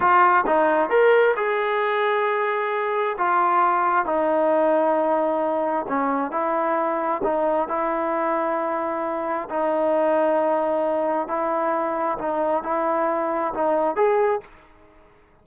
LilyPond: \new Staff \with { instrumentName = "trombone" } { \time 4/4 \tempo 4 = 133 f'4 dis'4 ais'4 gis'4~ | gis'2. f'4~ | f'4 dis'2.~ | dis'4 cis'4 e'2 |
dis'4 e'2.~ | e'4 dis'2.~ | dis'4 e'2 dis'4 | e'2 dis'4 gis'4 | }